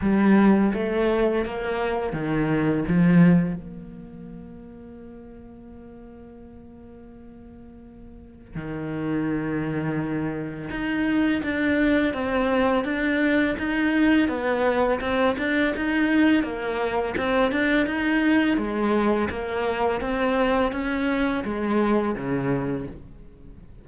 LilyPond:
\new Staff \with { instrumentName = "cello" } { \time 4/4 \tempo 4 = 84 g4 a4 ais4 dis4 | f4 ais2.~ | ais1 | dis2. dis'4 |
d'4 c'4 d'4 dis'4 | b4 c'8 d'8 dis'4 ais4 | c'8 d'8 dis'4 gis4 ais4 | c'4 cis'4 gis4 cis4 | }